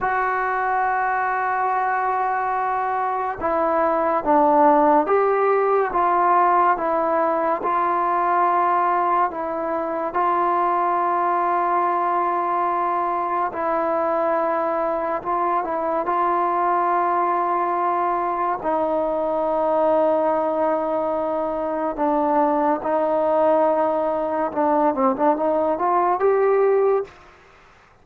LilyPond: \new Staff \with { instrumentName = "trombone" } { \time 4/4 \tempo 4 = 71 fis'1 | e'4 d'4 g'4 f'4 | e'4 f'2 e'4 | f'1 |
e'2 f'8 e'8 f'4~ | f'2 dis'2~ | dis'2 d'4 dis'4~ | dis'4 d'8 c'16 d'16 dis'8 f'8 g'4 | }